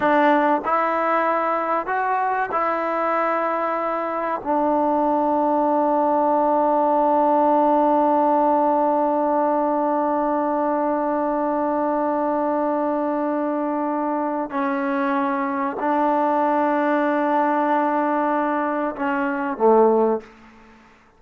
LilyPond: \new Staff \with { instrumentName = "trombone" } { \time 4/4 \tempo 4 = 95 d'4 e'2 fis'4 | e'2. d'4~ | d'1~ | d'1~ |
d'1~ | d'2. cis'4~ | cis'4 d'2.~ | d'2 cis'4 a4 | }